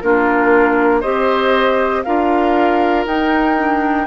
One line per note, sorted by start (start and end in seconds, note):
0.00 1.04 A#3
0.00 1.03 D4
0.00 1.00 F4
0.00 1.01 A#4
1.00 2.05 C4
1.00 2.04 G4
1.00 2.02 C5
1.00 2.03 D#5
2.03 3.06 D4
2.03 3.07 F4
2.03 4.07 A#4
2.03 3.05 F5
3.06 4.07 D#4
3.06 3.56 D#4
3.06 4.07 G5
3.56 4.07 D4